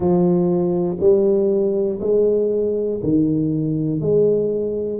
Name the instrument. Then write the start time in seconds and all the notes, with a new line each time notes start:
tuba
0.00 F3
1.00 G3
2.00 G#3
3.03 D#3
4.00 G#3